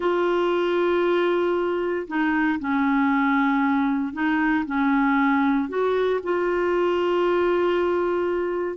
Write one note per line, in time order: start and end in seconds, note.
0.00 2.07 F4
2.07 2.59 D#4
2.59 4.13 C#4
4.13 4.65 D#4
4.65 5.68 C#4
5.68 6.20 F#4
6.23 8.76 F4